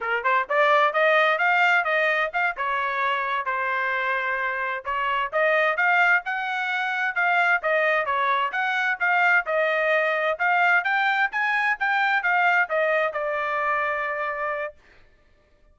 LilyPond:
\new Staff \with { instrumentName = "trumpet" } { \time 4/4 \tempo 4 = 130 ais'8 c''8 d''4 dis''4 f''4 | dis''4 f''8 cis''2 c''8~ | c''2~ c''8 cis''4 dis''8~ | dis''8 f''4 fis''2 f''8~ |
f''8 dis''4 cis''4 fis''4 f''8~ | f''8 dis''2 f''4 g''8~ | g''8 gis''4 g''4 f''4 dis''8~ | dis''8 d''2.~ d''8 | }